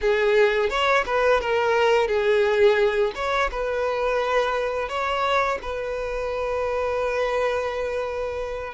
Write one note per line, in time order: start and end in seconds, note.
0.01 0.69 G#4
0.69 1.04 C#5
1.06 1.40 B4
1.40 2.07 A#4
2.07 3.12 G#4
3.15 3.49 C#5
3.51 4.88 B4
4.88 5.58 C#5
5.62 8.74 B4